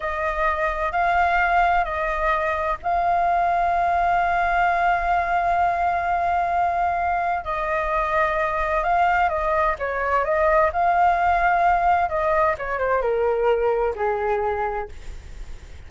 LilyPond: \new Staff \with { instrumentName = "flute" } { \time 4/4 \tempo 4 = 129 dis''2 f''2 | dis''2 f''2~ | f''1~ | f''1 |
dis''2. f''4 | dis''4 cis''4 dis''4 f''4~ | f''2 dis''4 cis''8 c''8 | ais'2 gis'2 | }